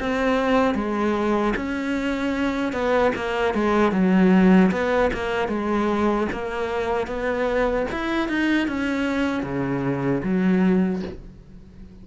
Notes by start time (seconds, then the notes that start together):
0.00 C4
0.75 G#3
1.56 C#4
2.73 B3
3.15 A#3
3.54 G#3
3.92 F#3
4.72 B3
5.14 A#3
5.48 G#3
6.32 A#3
7.07 B3
7.92 E4
8.29 D#4
8.68 C#4
9.43 C#3
10.23 F#3